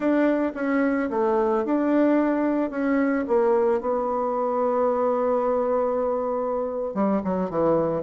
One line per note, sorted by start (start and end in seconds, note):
0.00 0.52 D4
0.55 1.09 C#4
1.10 1.64 A3
1.64 2.70 D4
2.70 3.25 C#4
3.27 3.81 A#3
3.81 6.94 B3
6.94 7.21 G3
7.23 7.50 F#3
7.50 8.02 E3